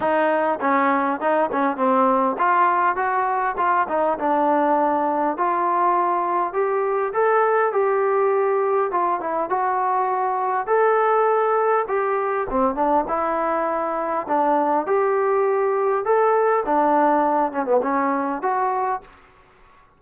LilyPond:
\new Staff \with { instrumentName = "trombone" } { \time 4/4 \tempo 4 = 101 dis'4 cis'4 dis'8 cis'8 c'4 | f'4 fis'4 f'8 dis'8 d'4~ | d'4 f'2 g'4 | a'4 g'2 f'8 e'8 |
fis'2 a'2 | g'4 c'8 d'8 e'2 | d'4 g'2 a'4 | d'4. cis'16 b16 cis'4 fis'4 | }